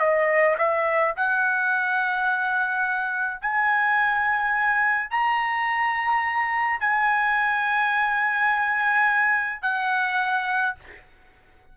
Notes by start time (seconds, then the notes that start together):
0.00 D#5
0.59 E5
1.17 F#5
3.42 G#5
5.11 A#5
6.80 G#5
9.62 F#5